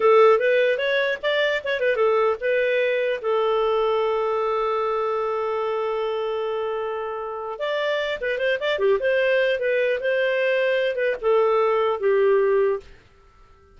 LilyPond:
\new Staff \with { instrumentName = "clarinet" } { \time 4/4 \tempo 4 = 150 a'4 b'4 cis''4 d''4 | cis''8 b'8 a'4 b'2 | a'1~ | a'1~ |
a'2. d''4~ | d''8 b'8 c''8 d''8 g'8 c''4. | b'4 c''2~ c''8 b'8 | a'2 g'2 | }